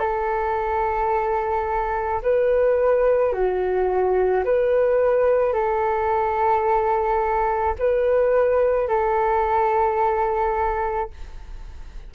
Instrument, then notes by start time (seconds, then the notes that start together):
flute
0.00 A4
2.23 B4
3.33 F#4
4.44 B4
5.54 A4
7.79 B4
8.88 A4